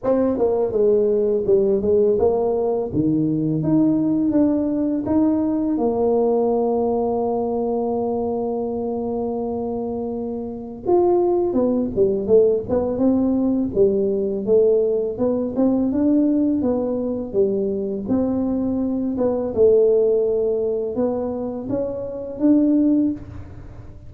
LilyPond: \new Staff \with { instrumentName = "tuba" } { \time 4/4 \tempo 4 = 83 c'8 ais8 gis4 g8 gis8 ais4 | dis4 dis'4 d'4 dis'4 | ais1~ | ais2. f'4 |
b8 g8 a8 b8 c'4 g4 | a4 b8 c'8 d'4 b4 | g4 c'4. b8 a4~ | a4 b4 cis'4 d'4 | }